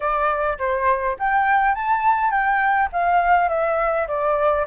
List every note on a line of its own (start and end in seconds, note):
0.00 0.58 D5
0.58 1.17 C5
1.19 1.74 G5
1.74 2.30 A5
2.30 2.89 G5
2.92 3.48 F5
3.48 4.07 E5
4.07 4.65 D5